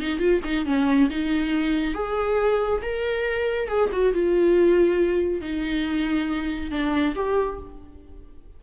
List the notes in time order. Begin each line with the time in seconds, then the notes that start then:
0.00 D#4
0.19 F4
0.45 D#4
0.66 C#4
1.10 D#4
1.95 G#4
2.82 A#4
3.69 G#4
3.92 F#4
4.14 F4
5.42 D#4
6.72 D4
7.16 G4